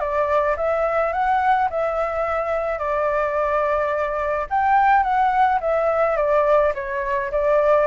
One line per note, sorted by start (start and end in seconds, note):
0.00 0.56 D5
0.57 1.12 E5
1.12 1.68 F#5
1.70 2.79 E5
2.79 4.47 D5
4.50 5.03 G5
5.03 5.59 F#5
5.61 6.17 E5
6.17 6.73 D5
6.75 7.31 C#5
7.31 7.87 D5